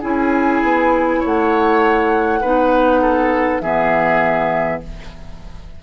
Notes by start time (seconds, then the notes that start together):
0.00 C#4 E4 G#4 G#5
0.63 B3
1.20 A3 C#5
1.26 F#5
2.41 B3 D#4 B4
3.02 A4
3.60 E3 B3 G#4 E5